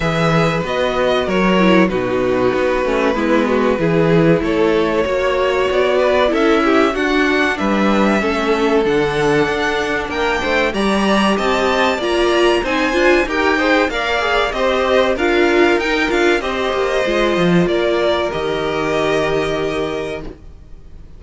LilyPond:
<<
  \new Staff \with { instrumentName = "violin" } { \time 4/4 \tempo 4 = 95 e''4 dis''4 cis''4 b'4~ | b'2. cis''4~ | cis''4 d''4 e''4 fis''4 | e''2 fis''2 |
g''4 ais''4 a''4 ais''4 | gis''4 g''4 f''4 dis''4 | f''4 g''8 f''8 dis''2 | d''4 dis''2. | }
  \new Staff \with { instrumentName = "violin" } { \time 4/4 b'2 ais'4 fis'4~ | fis'4 e'8 fis'8 gis'4 a'4 | cis''4. b'8 a'8 g'8 fis'4 | b'4 a'2. |
ais'8 c''8 d''4 dis''4 d''4 | c''4 ais'8 c''8 d''4 c''4 | ais'2 c''2 | ais'1 | }
  \new Staff \with { instrumentName = "viola" } { \time 4/4 gis'4 fis'4. e'8 dis'4~ | dis'8 cis'8 b4 e'2 | fis'2 e'4 d'4~ | d'4 cis'4 d'2~ |
d'4 g'2 f'4 | dis'8 f'8 g'8 gis'8 ais'8 gis'8 g'4 | f'4 dis'8 f'8 g'4 f'4~ | f'4 g'2. | }
  \new Staff \with { instrumentName = "cello" } { \time 4/4 e4 b4 fis4 b,4 | b8 a8 gis4 e4 a4 | ais4 b4 cis'4 d'4 | g4 a4 d4 d'4 |
ais8 a8 g4 c'4 ais4 | c'8 d'8 dis'4 ais4 c'4 | d'4 dis'8 d'8 c'8 ais8 gis8 f8 | ais4 dis2. | }
>>